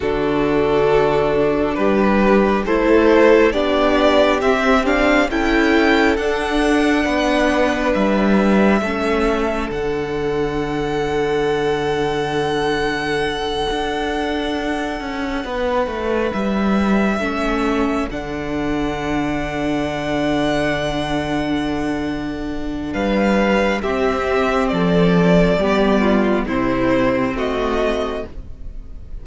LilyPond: <<
  \new Staff \with { instrumentName = "violin" } { \time 4/4 \tempo 4 = 68 a'2 b'4 c''4 | d''4 e''8 f''8 g''4 fis''4~ | fis''4 e''2 fis''4~ | fis''1~ |
fis''2~ fis''8 e''4.~ | e''8 fis''2.~ fis''8~ | fis''2 f''4 e''4 | d''2 c''4 dis''4 | }
  \new Staff \with { instrumentName = "violin" } { \time 4/4 fis'2 g'4 a'4 | g'2 a'2 | b'2 a'2~ | a'1~ |
a'4. b'2 a'8~ | a'1~ | a'2 b'4 g'4 | a'4 g'8 f'8 e'4 fis'4 | }
  \new Staff \with { instrumentName = "viola" } { \time 4/4 d'2. e'4 | d'4 c'8 d'8 e'4 d'4~ | d'2 cis'4 d'4~ | d'1~ |
d'2.~ d'8 cis'8~ | cis'8 d'2.~ d'8~ | d'2. c'4~ | c'4 b4 c'2 | }
  \new Staff \with { instrumentName = "cello" } { \time 4/4 d2 g4 a4 | b4 c'4 cis'4 d'4 | b4 g4 a4 d4~ | d2.~ d8 d'8~ |
d'4 cis'8 b8 a8 g4 a8~ | a8 d2.~ d8~ | d2 g4 c'4 | f4 g4 c4 a4 | }
>>